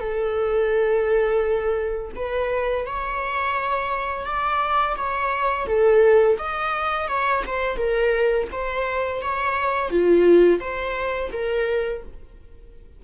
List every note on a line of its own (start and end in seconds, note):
0.00 2.12 A4
2.16 2.87 B4
2.87 4.25 C#5
4.25 4.96 D5
4.97 5.67 C#5
5.67 6.38 A4
6.39 7.08 D#5
7.08 7.44 C#5
7.47 7.77 C5
7.77 8.48 A#4
8.52 9.22 C5
9.22 9.90 C#5
9.90 10.60 F4
10.60 11.31 C5
11.32 12.03 A#4